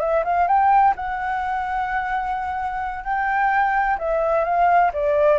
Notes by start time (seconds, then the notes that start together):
0.00 E5
0.25 F5
0.48 G5
0.96 F#5
3.04 G5
3.98 E5
4.44 F5
4.93 D5